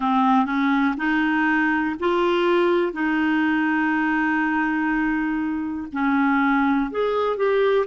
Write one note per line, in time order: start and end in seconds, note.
0.00 0.45 C4
0.45 0.94 C#4
0.97 1.95 D#4
1.99 2.92 F4
2.92 5.87 D#4
5.92 6.90 C#4
6.90 7.36 G#4
7.36 7.86 G4